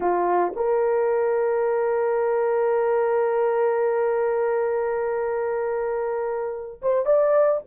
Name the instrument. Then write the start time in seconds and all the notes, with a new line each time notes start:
horn
0.00 F4
0.56 A#4
6.82 C5
7.05 D5